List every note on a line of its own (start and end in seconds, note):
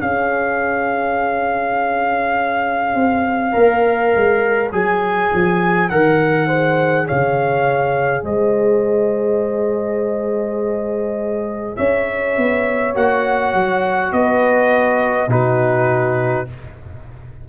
0.00 2.95 C#4
0.00 3.52 G#4
0.00 6.46 C#5
0.00 4.72 F5
2.95 3.54 C4
3.52 4.14 A#3
3.52 4.70 A#4
4.15 4.72 G#3
4.72 5.31 F#3
4.72 5.90 G#4
4.72 5.89 G#5
5.33 5.90 F3
5.89 7.08 D#3
5.89 6.49 A#4
5.89 7.07 F#5
6.46 12.95 G#4
6.46 7.05 C5
7.06 8.23 C#3
7.06 8.24 C#5
7.06 8.25 F5
8.23 11.76 G#3
8.23 11.77 C5
8.23 11.76 D#5
11.76 12.37 C#4
11.76 14.12 C#5
11.76 12.94 E5
12.37 12.95 B3
12.95 13.54 A#3
12.95 15.29 F#4
12.95 14.12 F#5
13.54 14.12 F#3
14.12 15.27 B3
14.12 15.30 B4
14.12 15.30 D#5
15.27 16.45 B2
15.27 16.46 D#4
15.27 16.48 F#4
15.27 16.49 B4